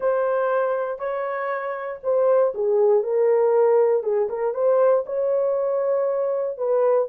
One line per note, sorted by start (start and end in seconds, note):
0.00 0.98 C5
0.98 1.99 C#5
2.03 2.53 C5
2.54 3.03 G#4
3.03 4.03 A#4
4.03 4.28 G#4
4.29 4.54 A#4
4.54 5.04 C5
5.06 6.57 C#5
6.57 7.07 B4